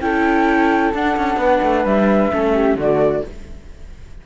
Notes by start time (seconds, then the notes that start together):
0.00 C#4 E4 A4 G5
0.94 D4 F#5
1.17 C#4
1.37 B3 B4
1.62 A3
1.85 G3 E5
2.32 A3 C#4 A4
2.55 G4
2.75 D3 A3 F#4 D5